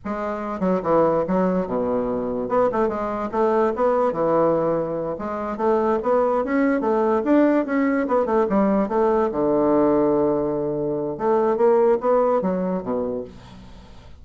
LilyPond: \new Staff \with { instrumentName = "bassoon" } { \time 4/4 \tempo 4 = 145 gis4. fis8 e4 fis4 | b,2 b8 a8 gis4 | a4 b4 e2~ | e8 gis4 a4 b4 cis'8~ |
cis'8 a4 d'4 cis'4 b8 | a8 g4 a4 d4.~ | d2. a4 | ais4 b4 fis4 b,4 | }